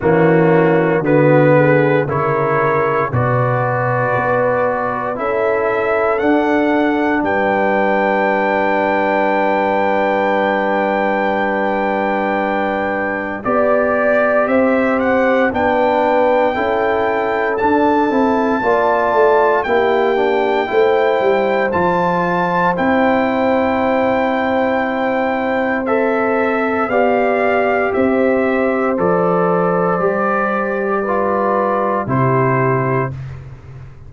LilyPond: <<
  \new Staff \with { instrumentName = "trumpet" } { \time 4/4 \tempo 4 = 58 fis'4 b'4 cis''4 d''4~ | d''4 e''4 fis''4 g''4~ | g''1~ | g''4 d''4 e''8 fis''8 g''4~ |
g''4 a''2 g''4~ | g''4 a''4 g''2~ | g''4 e''4 f''4 e''4 | d''2. c''4 | }
  \new Staff \with { instrumentName = "horn" } { \time 4/4 cis'4 fis'8 gis'8 ais'4 b'4~ | b'4 a'2 b'4~ | b'1~ | b'4 d''4 c''4 b'4 |
a'2 d''4 g'4 | c''1~ | c''2 d''4 c''4~ | c''2 b'4 g'4 | }
  \new Staff \with { instrumentName = "trombone" } { \time 4/4 ais4 b4 e'4 fis'4~ | fis'4 e'4 d'2~ | d'1~ | d'4 g'2 d'4 |
e'4 d'8 e'8 f'4 e'8 d'8 | e'4 f'4 e'2~ | e'4 a'4 g'2 | a'4 g'4 f'4 e'4 | }
  \new Staff \with { instrumentName = "tuba" } { \time 4/4 e4 d4 cis4 b,4 | b4 cis'4 d'4 g4~ | g1~ | g4 b4 c'4 b4 |
cis'4 d'8 c'8 ais8 a8 ais4 | a8 g8 f4 c'2~ | c'2 b4 c'4 | f4 g2 c4 | }
>>